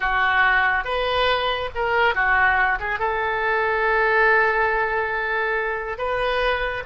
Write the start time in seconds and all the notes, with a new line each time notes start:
0.00 F#4
0.84 B4
1.75 A#4
2.14 F#4
2.79 G#4
2.99 A4
5.97 B4